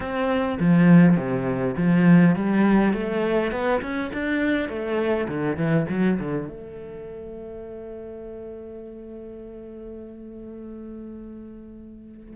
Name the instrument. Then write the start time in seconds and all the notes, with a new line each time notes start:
cello
0.00 C4
0.59 F3
1.17 C3
1.76 F3
2.35 G3
2.93 A3
3.51 B3
3.81 C#4
4.13 D4
4.68 A3
5.28 D3
5.56 E3
5.89 F#3
6.19 D3
6.48 A3